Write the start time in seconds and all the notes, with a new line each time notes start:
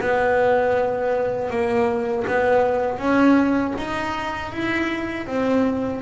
0.00 B3
1.50 A#3
2.27 B3
2.98 C#4
3.77 D#4
4.52 E4
5.26 C4